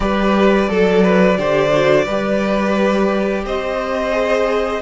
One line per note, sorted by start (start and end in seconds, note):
0.00 0.69 G3
0.00 0.68 G4
0.00 0.69 B4
0.00 3.44 D5
0.68 1.37 F#3
0.68 1.37 A4
0.68 1.03 A4
1.03 1.37 B4
1.37 2.06 D3
1.37 1.72 G4
1.37 2.04 C5
1.72 2.06 F#4
2.04 3.44 G3
2.04 4.11 G4
2.04 3.42 B4
3.45 4.81 C4
3.45 4.81 C5
3.45 4.81 D#5
4.11 4.80 G#4